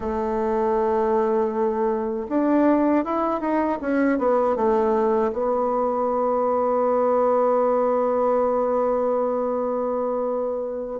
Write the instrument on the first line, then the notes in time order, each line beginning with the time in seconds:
bassoon
0.00 A3
2.29 D4
3.04 E4
3.40 D#4
3.81 C#4
4.18 B3
4.56 A3
5.32 B3